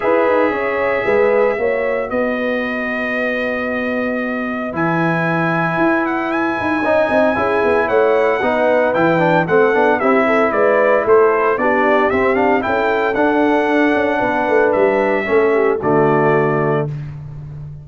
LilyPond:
<<
  \new Staff \with { instrumentName = "trumpet" } { \time 4/4 \tempo 4 = 114 e''1 | dis''1~ | dis''4 gis''2~ gis''8 fis''8 | gis''2. fis''4~ |
fis''4 g''4 fis''4 e''4 | d''4 c''4 d''4 e''8 f''8 | g''4 fis''2. | e''2 d''2 | }
  \new Staff \with { instrumentName = "horn" } { \time 4/4 b'4 cis''4 b'4 cis''4 | b'1~ | b'1~ | b'4 dis''4 gis'4 cis''4 |
b'2 a'4 g'8 a'8 | b'4 a'4 g'2 | a'2. b'4~ | b'4 a'8 g'8 fis'2 | }
  \new Staff \with { instrumentName = "trombone" } { \time 4/4 gis'2. fis'4~ | fis'1~ | fis'4 e'2.~ | e'4 dis'4 e'2 |
dis'4 e'8 d'8 c'8 d'8 e'4~ | e'2 d'4 c'8 d'8 | e'4 d'2.~ | d'4 cis'4 a2 | }
  \new Staff \with { instrumentName = "tuba" } { \time 4/4 e'8 dis'8 cis'4 gis4 ais4 | b1~ | b4 e2 e'4~ | e'8 dis'8 cis'8 c'8 cis'8 b8 a4 |
b4 e4 a8 b8 c'4 | gis4 a4 b4 c'4 | cis'4 d'4. cis'8 b8 a8 | g4 a4 d2 | }
>>